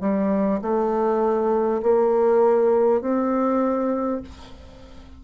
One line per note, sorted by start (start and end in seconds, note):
0.00 0.60 G3
0.61 1.81 A3
1.82 3.01 A#3
3.01 4.21 C4